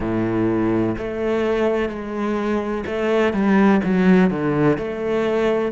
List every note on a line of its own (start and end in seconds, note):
0.00 0.95 A2
0.98 1.89 A3
1.89 2.84 G#3
2.86 3.33 A3
3.33 3.81 G3
3.84 4.30 F#3
4.30 4.77 D3
4.77 5.71 A3